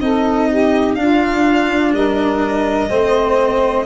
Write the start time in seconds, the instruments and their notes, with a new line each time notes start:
0.00 tuba C4, cello D#4, saxophone A4, violin D#5
0.49 saxophone G4
0.95 tuba D4, cello D4, saxophone F4, violin F5
1.92 tuba G3, saxophone A#4, violin D#5
2.89 tuba A3, cello C4, saxophone C5